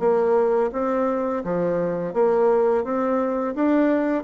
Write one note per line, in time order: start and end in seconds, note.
0.00 0.71 A#3
0.73 1.43 C4
1.44 2.14 F3
2.14 2.84 A#3
2.84 3.55 C4
3.56 4.24 D4